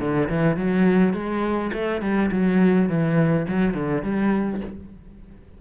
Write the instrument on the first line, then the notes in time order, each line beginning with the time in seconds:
cello
0.00 D3
0.29 E3
0.57 F#3
1.14 G#3
1.73 A3
2.01 G3
2.32 F#3
2.89 E3
3.49 F#3
3.74 D3
4.03 G3